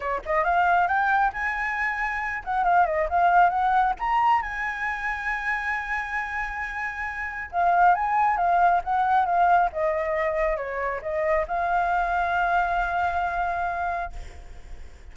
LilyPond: \new Staff \with { instrumentName = "flute" } { \time 4/4 \tempo 4 = 136 cis''8 dis''8 f''4 g''4 gis''4~ | gis''4. fis''8 f''8 dis''8 f''4 | fis''4 ais''4 gis''2~ | gis''1~ |
gis''4 f''4 gis''4 f''4 | fis''4 f''4 dis''2 | cis''4 dis''4 f''2~ | f''1 | }